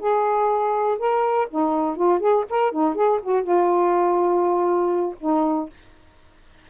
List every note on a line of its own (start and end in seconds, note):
0.00 0.98 G#4
0.99 1.48 A#4
1.50 1.96 D#4
1.96 2.20 F4
2.20 2.45 G#4
2.50 2.72 A#4
2.72 2.95 D#4
2.95 3.20 G#4
3.23 3.43 F#4
3.43 5.15 F4
5.20 5.69 D#4